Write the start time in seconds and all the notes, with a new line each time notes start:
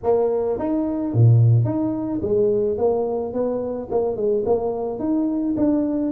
0.03 A#3
0.58 D#4
1.13 A#2
1.64 D#4
2.22 G#3
2.77 A#3
3.33 B3
3.90 A#3
4.16 G#3
4.45 A#3
4.99 D#4
5.56 D4